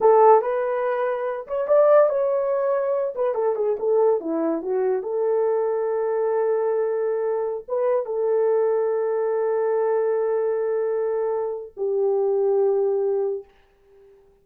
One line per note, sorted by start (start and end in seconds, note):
0.01 0.41 A4
0.41 1.46 B4
1.47 1.67 C#5
1.67 2.09 D5
2.09 3.14 C#5
3.15 3.34 B4
3.34 3.55 A4
3.55 3.76 G#4
3.79 4.20 A4
4.20 4.62 E4
4.62 5.02 F#4
5.02 7.64 A4
7.68 8.05 B4
8.05 11.72 A4
11.76 13.44 G4